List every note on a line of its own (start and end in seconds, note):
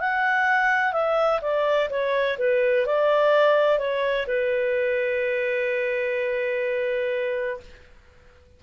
0.00 0.93 F#5
0.93 1.41 E5
1.42 1.90 D5
1.90 2.38 C#5
2.39 2.87 B4
2.87 3.79 D5
3.79 4.26 C#5
4.27 7.61 B4